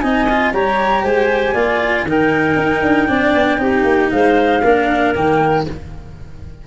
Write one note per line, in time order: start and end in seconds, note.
0.00 0.53 C4
0.00 0.28 D#4
0.00 0.53 D#5
0.00 0.51 G#5
0.29 0.54 F4
0.53 1.04 G3
0.53 1.55 G4
0.53 1.03 C#5
0.53 1.04 A#5
1.03 1.54 G#3
1.03 1.53 C5
1.03 2.07 G#5
1.53 2.03 A#3
1.53 2.06 F4
1.53 2.05 D5
2.03 2.55 D#3
2.03 3.08 D#4
2.03 3.09 A#4
2.10 4.10 G5
2.56 2.82 D#4
2.82 3.08 D4
3.08 3.34 C4
3.08 3.58 D4
3.08 3.60 D5
3.34 3.58 B3
3.58 3.84 C4
3.58 4.61 D#4
3.58 4.12 G4
3.84 4.09 A#3
4.10 4.63 G#3
4.10 4.63 C5
4.10 5.13 F5
4.63 5.15 A#3
4.63 5.15 D4
4.63 5.66 A#4
5.15 5.66 D#3
5.15 5.66 A#3
5.15 5.67 G5